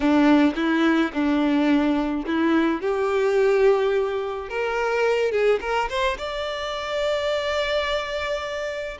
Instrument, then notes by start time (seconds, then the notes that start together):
violin
0.00 D4
0.55 E4
1.13 D4
2.26 E4
2.81 G4
4.49 A#4
5.31 G#4
5.60 A#4
5.89 C5
6.17 D5